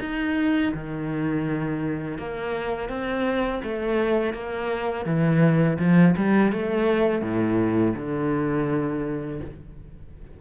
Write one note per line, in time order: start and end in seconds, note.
0.00 0.72 D#4
0.73 2.18 D#3
2.18 2.89 A#3
2.89 3.61 C4
3.63 4.33 A3
4.33 5.05 A#3
5.05 5.77 E3
5.79 6.15 F3
6.16 6.52 G3
6.52 7.22 A3
7.22 7.94 A2
7.96 9.40 D3